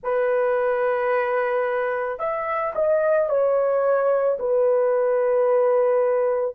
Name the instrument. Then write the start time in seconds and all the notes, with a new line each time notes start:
horn
0.03 B4
2.19 E5
2.75 D#5
3.29 C#5
4.39 B4